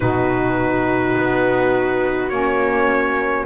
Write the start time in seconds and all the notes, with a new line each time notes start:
0.00 B2 D#4 F#4 B4
1.16 B3
2.29 A#3 C#4 C#5